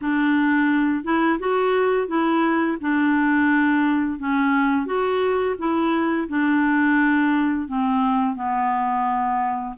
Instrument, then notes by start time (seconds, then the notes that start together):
clarinet
0.01 D4
1.03 E4
1.39 F#4
2.07 E4
2.80 D4
4.19 C#4
4.86 F#4
5.58 E4
6.28 D4
7.67 C4
8.35 B3